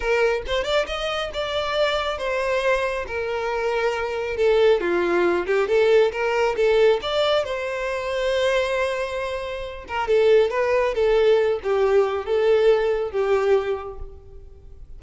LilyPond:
\new Staff \with { instrumentName = "violin" } { \time 4/4 \tempo 4 = 137 ais'4 c''8 d''8 dis''4 d''4~ | d''4 c''2 ais'4~ | ais'2 a'4 f'4~ | f'8 g'8 a'4 ais'4 a'4 |
d''4 c''2.~ | c''2~ c''8 ais'8 a'4 | b'4 a'4. g'4. | a'2 g'2 | }